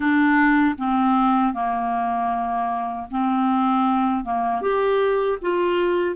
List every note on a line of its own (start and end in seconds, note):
0.00 0.75 D4
0.78 1.53 C4
1.53 3.07 A#3
3.10 4.24 C4
4.24 4.61 A#3
4.61 5.38 G4
5.41 6.15 F4